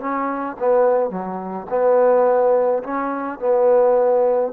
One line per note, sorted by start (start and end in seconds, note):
0.00 0.57 C#4
0.59 1.10 B3
1.10 1.67 F#3
1.70 2.83 B3
2.84 3.39 C#4
3.39 4.53 B3